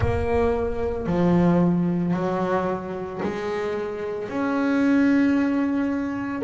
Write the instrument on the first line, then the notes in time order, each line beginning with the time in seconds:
double bass
0.00 A#3
1.06 F3
2.13 F#3
3.22 G#3
4.28 C#4